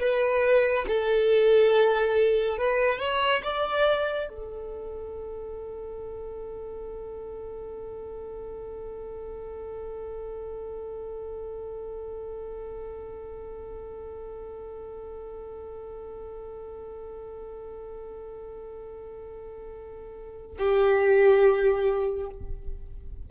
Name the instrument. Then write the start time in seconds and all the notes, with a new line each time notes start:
violin
0.00 B4
0.88 A4
2.58 B4
3.00 C#5
3.44 D5
4.29 A4
20.59 G4